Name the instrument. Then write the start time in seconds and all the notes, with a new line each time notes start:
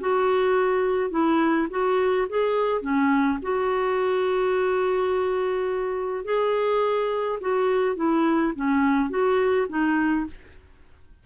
clarinet
0.00 F#4
1.10 E4
1.70 F#4
2.29 G#4
2.81 C#4
3.42 F#4
6.24 G#4
7.40 F#4
7.96 E4
8.55 C#4
9.09 F#4
9.69 D#4